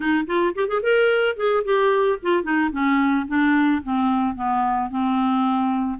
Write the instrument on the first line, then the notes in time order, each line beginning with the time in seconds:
clarinet
0.00 D#4
0.27 F4
0.55 G4
0.67 G#4
0.82 A#4
1.36 G#4
1.64 G4
2.22 F4
2.43 D#4
2.71 C#4
3.27 D4
3.83 C4
4.35 B3
4.90 C4